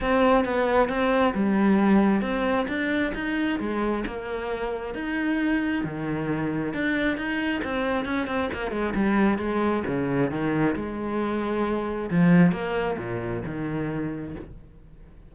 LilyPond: \new Staff \with { instrumentName = "cello" } { \time 4/4 \tempo 4 = 134 c'4 b4 c'4 g4~ | g4 c'4 d'4 dis'4 | gis4 ais2 dis'4~ | dis'4 dis2 d'4 |
dis'4 c'4 cis'8 c'8 ais8 gis8 | g4 gis4 cis4 dis4 | gis2. f4 | ais4 ais,4 dis2 | }